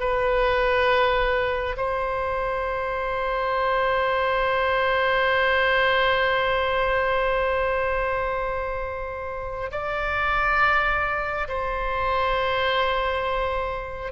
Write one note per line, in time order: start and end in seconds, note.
0.00 1.76 B4
1.77 9.71 C5
9.71 11.48 D5
11.48 14.12 C5